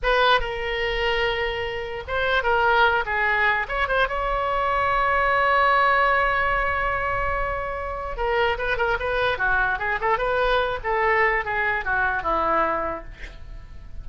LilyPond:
\new Staff \with { instrumentName = "oboe" } { \time 4/4 \tempo 4 = 147 b'4 ais'2.~ | ais'4 c''4 ais'4. gis'8~ | gis'4 cis''8 c''8 cis''2~ | cis''1~ |
cis''1 | ais'4 b'8 ais'8 b'4 fis'4 | gis'8 a'8 b'4. a'4. | gis'4 fis'4 e'2 | }